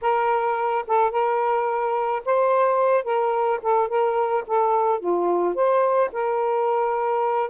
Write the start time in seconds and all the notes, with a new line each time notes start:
0.01 A#4
0.87 A4
1.11 A#4
2.25 C5
3.04 A#4
3.62 A4
3.88 A#4
4.46 A4
4.99 F4
5.54 C5
6.12 A#4